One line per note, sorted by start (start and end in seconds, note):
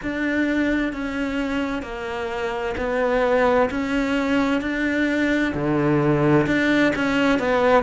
0.02 0.92 D4
0.92 1.82 C#4
1.82 2.74 A#3
2.77 3.69 B3
3.70 4.61 C#4
4.61 5.53 D4
5.54 6.46 D3
6.46 6.92 D4
6.95 7.39 C#4
7.39 7.83 B3